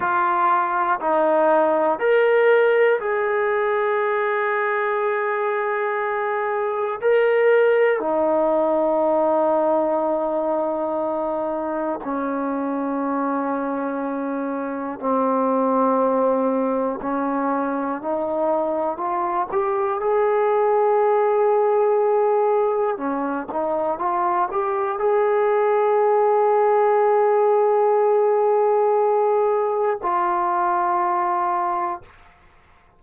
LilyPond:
\new Staff \with { instrumentName = "trombone" } { \time 4/4 \tempo 4 = 60 f'4 dis'4 ais'4 gis'4~ | gis'2. ais'4 | dis'1 | cis'2. c'4~ |
c'4 cis'4 dis'4 f'8 g'8 | gis'2. cis'8 dis'8 | f'8 g'8 gis'2.~ | gis'2 f'2 | }